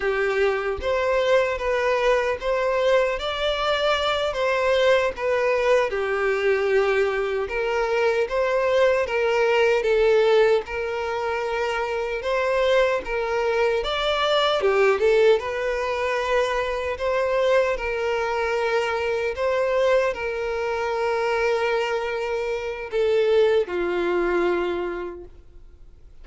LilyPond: \new Staff \with { instrumentName = "violin" } { \time 4/4 \tempo 4 = 76 g'4 c''4 b'4 c''4 | d''4. c''4 b'4 g'8~ | g'4. ais'4 c''4 ais'8~ | ais'8 a'4 ais'2 c''8~ |
c''8 ais'4 d''4 g'8 a'8 b'8~ | b'4. c''4 ais'4.~ | ais'8 c''4 ais'2~ ais'8~ | ais'4 a'4 f'2 | }